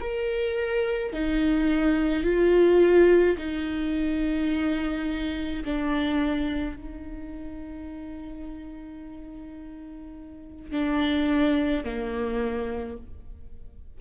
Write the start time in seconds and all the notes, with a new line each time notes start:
0.00 A#4
1.13 D#4
2.23 F4
3.38 D#4
5.64 D4
6.76 D#4
10.71 D4
11.84 A#3